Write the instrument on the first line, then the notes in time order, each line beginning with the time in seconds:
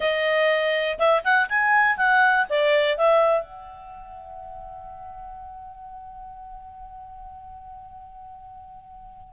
clarinet
0.00 D#5
0.98 E5
1.24 F#5
1.49 G#5
1.97 F#5
2.49 D5
2.97 E5
3.43 F#5